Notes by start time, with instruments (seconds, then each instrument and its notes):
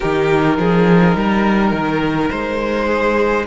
0.00 cello D#3, viola D#4, violin G4 A#4
0.57 cello F3, violin G#4
1.15 cello G3, violin A#4
1.71 cello D#3
2.30 cello G#3, violin C5
2.85 violin G#4